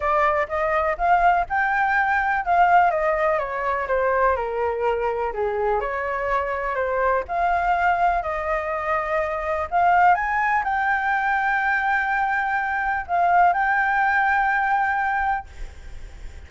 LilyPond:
\new Staff \with { instrumentName = "flute" } { \time 4/4 \tempo 4 = 124 d''4 dis''4 f''4 g''4~ | g''4 f''4 dis''4 cis''4 | c''4 ais'2 gis'4 | cis''2 c''4 f''4~ |
f''4 dis''2. | f''4 gis''4 g''2~ | g''2. f''4 | g''1 | }